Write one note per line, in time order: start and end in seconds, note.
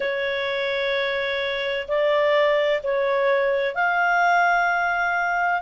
0.00 1.87 C#5
1.87 2.81 D5
2.83 3.74 C#5
3.74 5.61 F5